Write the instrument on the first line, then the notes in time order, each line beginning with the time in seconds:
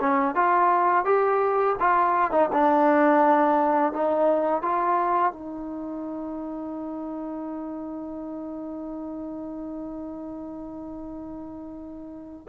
trombone
0.00 C#4
0.35 F4
1.05 G4
1.80 F4
2.31 D#4
2.53 D4
3.93 D#4
4.63 F4
5.33 D#4